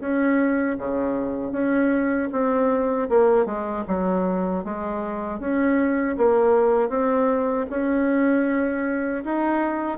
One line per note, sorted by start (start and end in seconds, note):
0.00 0.77 C#4
0.78 1.52 C#3
1.52 2.29 C#4
2.32 3.09 C4
3.09 3.46 A#3
3.46 3.84 G#3
3.87 4.64 F#3
4.64 5.40 G#3
5.40 6.16 C#4
6.17 6.89 A#3
6.89 7.66 C4
7.70 9.24 C#4
9.24 9.98 D#4